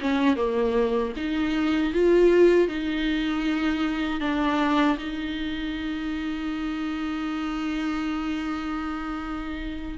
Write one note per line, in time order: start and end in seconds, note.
0.00 0.36 C#4
0.36 1.13 A#3
1.16 1.93 D#4
1.93 2.67 F4
2.67 4.20 D#4
4.20 4.97 D4
4.98 9.98 D#4